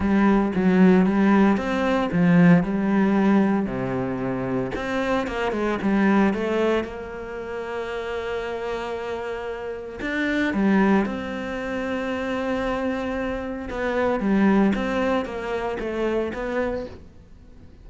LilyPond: \new Staff \with { instrumentName = "cello" } { \time 4/4 \tempo 4 = 114 g4 fis4 g4 c'4 | f4 g2 c4~ | c4 c'4 ais8 gis8 g4 | a4 ais2.~ |
ais2. d'4 | g4 c'2.~ | c'2 b4 g4 | c'4 ais4 a4 b4 | }